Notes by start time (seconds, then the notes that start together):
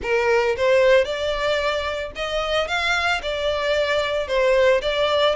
0.02 A#4
0.56 C5
1.04 D5
2.15 D#5
2.67 F5
3.22 D5
4.27 C5
4.81 D5